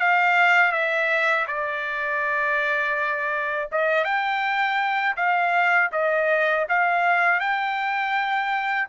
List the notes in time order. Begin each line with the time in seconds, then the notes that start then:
0.00 F5
0.72 E5
1.47 D5
3.72 D#5
4.05 G5
5.17 F5
5.93 D#5
6.69 F5
7.40 G5